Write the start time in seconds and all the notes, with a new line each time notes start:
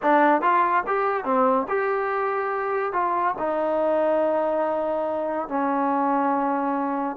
0.02 D4
0.41 F4
0.86 G4
1.24 C4
1.68 G4
2.92 F4
3.38 D#4
5.48 C#4